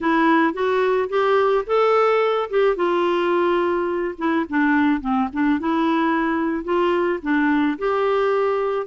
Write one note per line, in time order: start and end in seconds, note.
0.01 0.53 E4
0.53 1.09 F#4
1.09 1.64 G4
1.66 2.49 A4
2.50 2.76 G4
2.76 4.14 F4
4.17 4.45 E4
4.49 5.01 D4
5.01 5.28 C4
5.32 5.59 D4
5.59 6.64 E4
6.64 7.19 F4
7.22 7.78 D4
7.78 8.86 G4